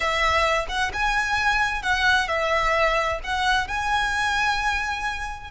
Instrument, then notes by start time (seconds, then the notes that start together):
violin
0.00 E5
0.68 F#5
0.93 G#5
1.82 F#5
2.28 E5
3.23 F#5
3.67 G#5